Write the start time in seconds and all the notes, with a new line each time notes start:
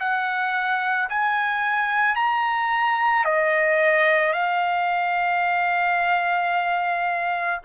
0.00 F#5
1.10 G#5
2.16 A#5
3.25 D#5
4.33 F5